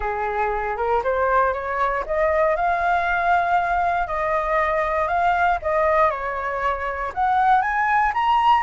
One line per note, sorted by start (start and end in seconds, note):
0.00 0.76 G#4
0.77 1.02 A#4
1.03 1.53 C5
1.53 2.04 C#5
2.05 2.56 D#5
2.56 4.07 F5
4.07 5.08 D#5
5.08 5.58 F5
5.62 6.10 D#5
6.10 7.12 C#5
7.14 7.61 F#5
7.61 8.12 G#5
8.14 8.63 A#5